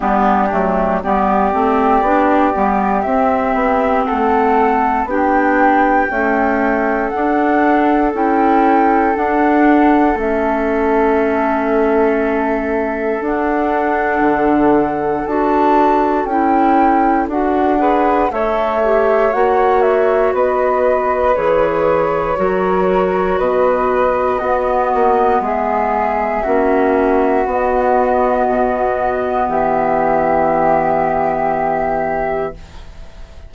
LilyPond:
<<
  \new Staff \with { instrumentName = "flute" } { \time 4/4 \tempo 4 = 59 g'4 d''2 e''4 | fis''4 g''2 fis''4 | g''4 fis''4 e''2~ | e''4 fis''2 a''4 |
g''4 fis''4 e''4 fis''8 e''8 | dis''4 cis''2 dis''4~ | dis''4 e''2 dis''4~ | dis''4 e''2. | }
  \new Staff \with { instrumentName = "flute" } { \time 4/4 d'4 g'2. | a'4 g'4 a'2~ | a'1~ | a'1~ |
a'4. b'8 cis''2 | b'2 ais'4 b'4 | fis'4 gis'4 fis'2~ | fis'4 g'2. | }
  \new Staff \with { instrumentName = "clarinet" } { \time 4/4 b8 a8 b8 c'8 d'8 b8 c'4~ | c'4 d'4 a4 d'4 | e'4 d'4 cis'2~ | cis'4 d'2 fis'4 |
e'4 fis'8 gis'8 a'8 g'8 fis'4~ | fis'4 gis'4 fis'2 | b2 cis'4 b4~ | b1 | }
  \new Staff \with { instrumentName = "bassoon" } { \time 4/4 g8 fis8 g8 a8 b8 g8 c'8 b8 | a4 b4 cis'4 d'4 | cis'4 d'4 a2~ | a4 d'4 d4 d'4 |
cis'4 d'4 a4 ais4 | b4 e4 fis4 b,4 | b8 ais8 gis4 ais4 b4 | b,4 e2. | }
>>